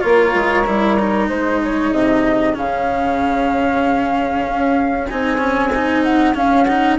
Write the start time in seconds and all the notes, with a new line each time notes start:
0.00 A#3 F4 A#4 C#5
0.34 G#3
0.66 G3 E4
0.99 D#4
1.28 G#3 G#4 C5
1.63 C#5
1.91 C3 D#5
2.53 C#3 C#4 F5
4.47 C#4
5.07 C4 D#4 G#5
5.37 C#4
5.74 D#4
6.03 F#5
6.34 C#4 F5
6.63 D#4 F#5